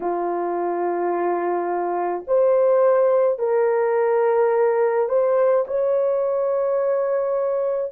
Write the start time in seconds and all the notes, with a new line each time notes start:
0.00 F4
2.27 C5
3.39 A#4
5.08 C5
5.67 C#5